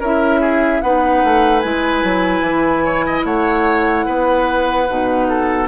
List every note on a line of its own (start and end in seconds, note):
0.00 0.81 C#4
0.00 0.83 E4
0.00 0.40 A#4
0.00 0.82 E5
0.40 0.81 G#4
0.82 1.23 B3
0.82 1.63 D#4
0.82 2.84 B4
0.82 1.59 F#5
1.23 1.64 A3
1.59 2.03 G#3
1.59 4.87 E4
1.59 3.22 G#5
2.03 2.41 F#3
2.41 3.22 E3
2.84 3.05 C#5
3.06 3.26 D#5
3.24 4.05 A3
3.24 4.06 C#5
3.24 5.68 F#5
4.06 4.89 B3
4.06 5.27 B4
4.89 5.68 B2
4.89 5.68 D#4
5.28 5.68 A4